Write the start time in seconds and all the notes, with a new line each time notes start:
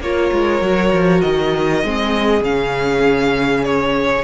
0.00 A#3 F4 A#4 C#5
0.31 G#3
0.61 F#3 F#4
0.92 F3
1.21 D#3 D#5
1.84 G#3 C4 G#4
2.41 C#3 C#4 F5
3.64 C#5